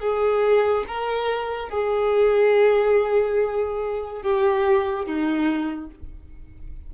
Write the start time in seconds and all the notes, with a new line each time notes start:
0.00 G#4
0.88 A#4
1.69 G#4
4.22 G4
5.06 D#4